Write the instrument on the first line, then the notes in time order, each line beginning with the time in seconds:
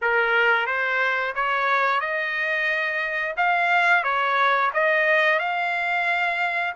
trumpet
0.01 A#4
0.66 C5
1.35 C#5
2.00 D#5
3.36 F5
4.03 C#5
4.73 D#5
5.39 F5